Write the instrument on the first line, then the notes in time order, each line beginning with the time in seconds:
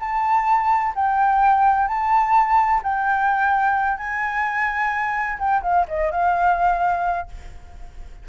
flute
0.00 A5
0.95 G5
1.88 A5
2.84 G5
3.98 G#5
5.39 G5
5.63 F5
5.88 D#5
6.12 F5